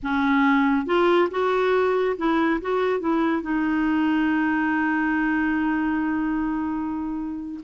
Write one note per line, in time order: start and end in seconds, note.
0.02 0.86 C#4
0.86 1.28 F4
1.30 2.16 F#4
2.17 2.60 E4
2.61 2.99 F#4
2.99 3.42 E4
3.42 7.60 D#4